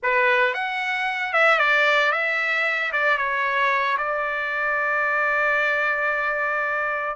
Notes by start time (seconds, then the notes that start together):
0.02 B4
0.54 F#5
1.33 E5
1.58 D5
2.12 E5
2.92 D5
3.17 C#5
3.97 D5